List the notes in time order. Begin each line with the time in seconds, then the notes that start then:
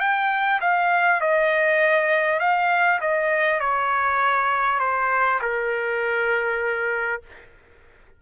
0.00 G5
0.60 F5
1.21 D#5
2.39 F5
3.01 D#5
3.60 C#5
4.79 C5
5.41 A#4